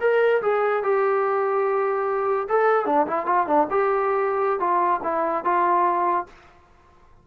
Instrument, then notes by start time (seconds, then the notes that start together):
trombone
0.00 A#4
0.42 G#4
0.83 G4
2.48 A4
2.85 D4
3.07 E4
3.26 F4
3.46 D4
3.70 G4
4.59 F4
5.03 E4
5.44 F4